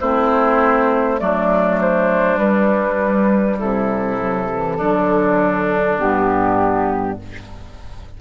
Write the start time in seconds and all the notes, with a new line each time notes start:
0.00 A3 C4 E4 C5
1.18 F#3 A3 D4 D5
1.81 C5
2.37 G3 B4
3.58 C3 E4 A4
4.19 F#3
4.51 E3
4.77 D3 F#3 D4
5.99 G2 B3 G4